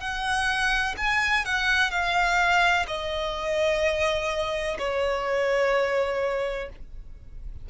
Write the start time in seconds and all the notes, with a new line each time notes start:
0.00 F#5
0.97 G#5
1.45 F#5
1.91 F5
2.87 D#5
4.78 C#5